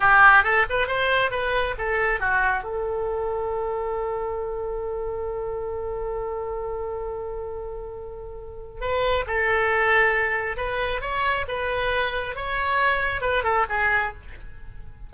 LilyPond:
\new Staff \with { instrumentName = "oboe" } { \time 4/4 \tempo 4 = 136 g'4 a'8 b'8 c''4 b'4 | a'4 fis'4 a'2~ | a'1~ | a'1~ |
a'1 | b'4 a'2. | b'4 cis''4 b'2 | cis''2 b'8 a'8 gis'4 | }